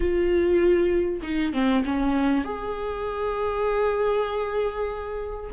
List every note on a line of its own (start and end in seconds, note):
0.00 1.20 F4
1.22 1.53 D#4
1.53 1.83 C4
1.84 2.44 C#4
2.44 5.50 G#4